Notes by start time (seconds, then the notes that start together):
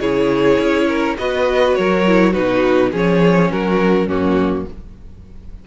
0.00 C#3 E4 G#4 C#5
0.59 C#4
0.88 A#4
1.18 B3 F#4 B4 D#5
1.75 F#3 A#4 C#5
2.07 E4
2.33 B2 D#4 F#4 B4
2.92 F3 C#4 G#4 C#5
3.52 F#3 F#4 A#4
4.07 F#2 A#3 C#4 F#4